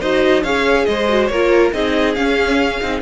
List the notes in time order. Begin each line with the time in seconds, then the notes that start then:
0.00 D#4 F#4 C5 D#5
0.43 C#4 G#4 C#5 F5
0.86 G#3 C5 D#5
1.09 F#4
1.27 A#3 A#4 C#5
1.33 F4
1.74 C4 D#4 G#4 D#5
2.15 C#4 F5
2.82 C4 D#4